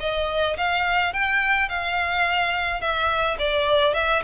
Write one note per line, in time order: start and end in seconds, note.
0.00 0.57 D#5
0.57 1.13 F5
1.13 1.69 G5
1.69 2.80 F5
2.80 3.37 E5
3.38 3.94 D5
3.94 4.22 E5